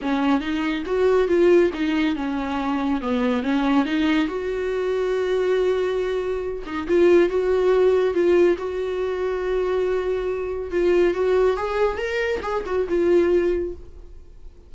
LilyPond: \new Staff \with { instrumentName = "viola" } { \time 4/4 \tempo 4 = 140 cis'4 dis'4 fis'4 f'4 | dis'4 cis'2 b4 | cis'4 dis'4 fis'2~ | fis'2.~ fis'8 dis'8 |
f'4 fis'2 f'4 | fis'1~ | fis'4 f'4 fis'4 gis'4 | ais'4 gis'8 fis'8 f'2 | }